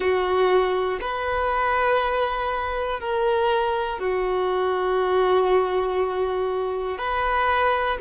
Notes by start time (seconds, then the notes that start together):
0.00 F#4
1.00 B4
3.00 A#4
3.99 F#4
6.97 B4